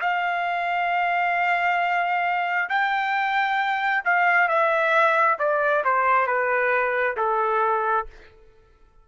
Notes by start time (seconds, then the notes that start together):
0.00 F5
2.69 G5
4.05 F5
4.48 E5
5.39 D5
5.85 C5
6.27 B4
7.17 A4